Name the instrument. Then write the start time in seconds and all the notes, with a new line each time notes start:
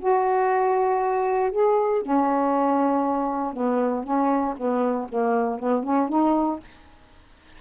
saxophone
0.00 F#4
1.51 G#4
2.02 C#4
3.53 B3
4.04 C#4
4.57 B3
5.09 A#3
5.60 B3
5.84 C#4
6.09 D#4